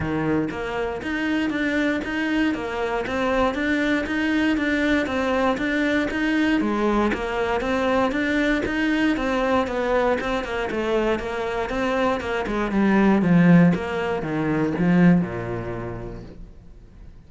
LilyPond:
\new Staff \with { instrumentName = "cello" } { \time 4/4 \tempo 4 = 118 dis4 ais4 dis'4 d'4 | dis'4 ais4 c'4 d'4 | dis'4 d'4 c'4 d'4 | dis'4 gis4 ais4 c'4 |
d'4 dis'4 c'4 b4 | c'8 ais8 a4 ais4 c'4 | ais8 gis8 g4 f4 ais4 | dis4 f4 ais,2 | }